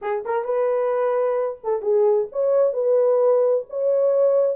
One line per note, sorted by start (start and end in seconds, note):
0.01 0.24 G#4
0.25 0.44 A#4
0.44 1.59 B4
1.63 1.82 A4
1.82 2.27 G#4
2.32 2.73 C#5
2.73 3.64 B4
3.69 4.56 C#5